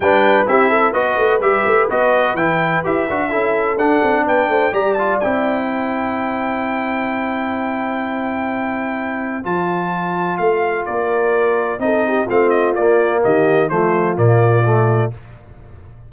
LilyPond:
<<
  \new Staff \with { instrumentName = "trumpet" } { \time 4/4 \tempo 4 = 127 g''4 e''4 dis''4 e''4 | dis''4 g''4 e''2 | fis''4 g''4 ais''8 a''8 g''4~ | g''1~ |
g''1 | a''2 f''4 d''4~ | d''4 dis''4 f''8 dis''8 d''4 | dis''4 c''4 d''2 | }
  \new Staff \with { instrumentName = "horn" } { \time 4/4 b'4 g'8 a'8 b'2~ | b'2. a'4~ | a'4 b'8 c''8 d''2 | c''1~ |
c''1~ | c''2. ais'4~ | ais'4 a'8 g'8 f'2 | g'4 f'2. | }
  \new Staff \with { instrumentName = "trombone" } { \time 4/4 d'4 e'4 fis'4 g'4 | fis'4 e'4 g'8 fis'8 e'4 | d'2 g'8 f'8 e'4~ | e'1~ |
e'1 | f'1~ | f'4 dis'4 c'4 ais4~ | ais4 a4 ais4 a4 | }
  \new Staff \with { instrumentName = "tuba" } { \time 4/4 g4 c'4 b8 a8 g8 a8 | b4 e4 e'8 d'8 cis'4 | d'8 c'8 b8 a8 g4 c'4~ | c'1~ |
c'1 | f2 a4 ais4~ | ais4 c'4 a4 ais4 | dis4 f4 ais,2 | }
>>